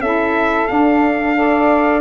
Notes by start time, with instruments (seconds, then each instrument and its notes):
0.00 tuba C#4, saxophone E4, flute A4, trumpet E5
0.67 saxophone D4, tuba D4, trumpet F5
1.36 saxophone A4, flute D5